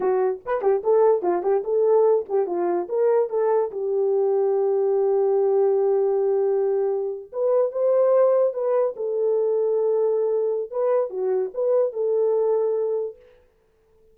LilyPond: \new Staff \with { instrumentName = "horn" } { \time 4/4 \tempo 4 = 146 fis'4 b'8 g'8 a'4 f'8 g'8 | a'4. g'8 f'4 ais'4 | a'4 g'2.~ | g'1~ |
g'4.~ g'16 b'4 c''4~ c''16~ | c''8. b'4 a'2~ a'16~ | a'2 b'4 fis'4 | b'4 a'2. | }